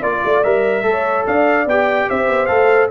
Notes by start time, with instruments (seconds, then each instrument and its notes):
0.00 tuba A#3, trombone F4, horn D5, trumpet D5
0.24 tuba A3
0.43 tuba G3, trombone A#4, trumpet E5
0.83 tuba A3, trombone A4
0.90 horn C#5
1.27 tuba D4, horn D5, trumpet F5
1.66 tuba B3, trombone G4, trumpet G5
2.09 tuba C4, horn C5, trumpet E5
2.28 tuba B3
2.46 tuba A3, trombone A4, trumpet F5